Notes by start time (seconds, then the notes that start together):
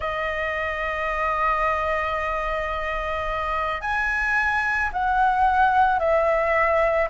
0.00 D#5
3.81 G#5
4.92 F#5
5.99 E5